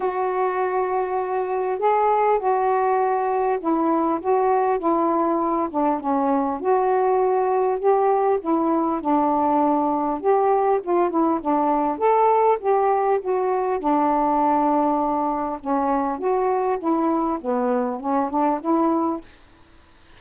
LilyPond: \new Staff \with { instrumentName = "saxophone" } { \time 4/4 \tempo 4 = 100 fis'2. gis'4 | fis'2 e'4 fis'4 | e'4. d'8 cis'4 fis'4~ | fis'4 g'4 e'4 d'4~ |
d'4 g'4 f'8 e'8 d'4 | a'4 g'4 fis'4 d'4~ | d'2 cis'4 fis'4 | e'4 b4 cis'8 d'8 e'4 | }